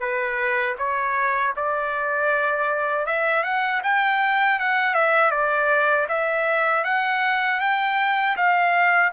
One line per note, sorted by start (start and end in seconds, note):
0.00 0.76 B4
0.79 1.55 C#5
1.57 3.07 D5
3.07 3.44 E5
3.44 3.82 F#5
3.84 4.59 G5
4.60 4.94 F#5
4.94 5.31 E5
5.31 6.07 D5
6.09 6.84 E5
6.84 7.60 F#5
7.61 8.36 G5
8.36 9.12 F5